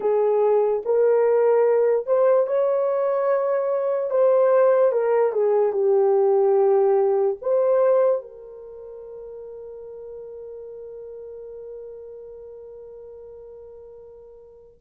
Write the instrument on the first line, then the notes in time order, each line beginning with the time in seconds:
horn
0.00 G#4
0.85 A#4
2.06 C5
2.47 C#5
4.10 C5
4.92 A#4
5.32 G#4
5.72 G4
7.41 C5
8.21 A#4